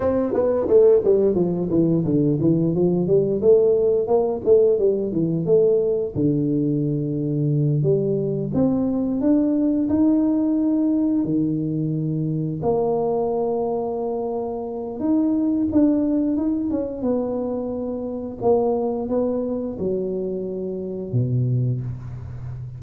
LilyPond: \new Staff \with { instrumentName = "tuba" } { \time 4/4 \tempo 4 = 88 c'8 b8 a8 g8 f8 e8 d8 e8 | f8 g8 a4 ais8 a8 g8 e8 | a4 d2~ d8 g8~ | g8 c'4 d'4 dis'4.~ |
dis'8 dis2 ais4.~ | ais2 dis'4 d'4 | dis'8 cis'8 b2 ais4 | b4 fis2 b,4 | }